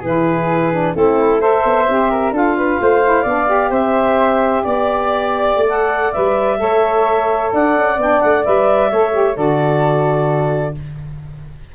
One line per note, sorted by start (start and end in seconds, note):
0.00 0.94 E3
0.00 0.72 E4
0.00 0.92 G#4
0.00 0.95 B4
0.72 0.94 D4
0.94 1.64 A3
0.94 1.39 C4
0.94 1.41 E4
0.94 1.40 A4
1.39 1.85 A4
1.39 2.10 C5
1.39 2.33 E5
1.64 1.87 B3
1.87 2.31 C4
1.87 2.32 G4
2.10 2.33 A#4
2.31 2.77 D4
2.31 3.01 F4
2.31 2.56 A4
2.31 3.72 F5
2.57 2.80 B4
2.80 3.25 A3
2.80 3.22 C5
3.02 3.25 E4
3.22 3.70 B3
3.22 3.47 D4
3.22 3.68 D5
3.47 5.66 G4
3.69 4.62 C4
3.69 4.62 C5
3.69 4.64 E5
4.63 5.55 B3
4.63 6.59 D5
4.63 5.68 D5
5.55 6.13 A3
5.67 6.13 A4
5.67 6.12 F#5
6.12 6.60 G3
6.12 6.57 B4
6.12 7.50 E5
6.57 7.52 A3
6.57 7.96 A4
6.57 7.53 C#5
7.52 7.75 D4
7.52 8.90 D5
7.52 8.00 F#5
7.76 7.97 C#4
7.97 8.20 B3
7.97 8.44 D4
7.97 8.21 G5
8.21 8.46 A3
8.21 8.44 F#5
8.44 8.91 G3
8.44 8.90 B4
8.44 9.36 E5
8.90 9.36 A3
8.90 9.11 A4
8.90 9.36 C#5
9.11 9.34 G4
9.36 10.74 D3
9.36 10.74 F#4
9.36 10.75 A4
9.36 10.74 D5